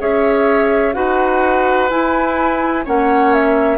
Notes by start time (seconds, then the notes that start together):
0.00 C#4 G#4 C#5 E5
0.93 D#4 F#4 B4 F#5
1.89 E4 G#5
2.85 A#3 C#4 C#5 F#5
3.33 E5